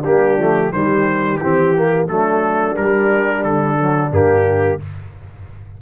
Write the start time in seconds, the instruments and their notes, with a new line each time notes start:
0.00 trombone A#3, horn D4, trumpet G4
0.06 tuba G3
0.38 tuba F3, trombone A3
0.72 tuba D#3, trombone G3, horn G4, trumpet C5
1.37 tuba E3, trombone C4, trumpet G4
1.76 trombone A#3
2.08 tuba F#3, trombone A3, horn D4, trumpet A4
2.77 trombone G3, tuba G3, trumpet A#4
3.44 tuba D3, trumpet A4
3.79 trombone F#3
4.12 tuba G2, trombone A#3, trumpet G4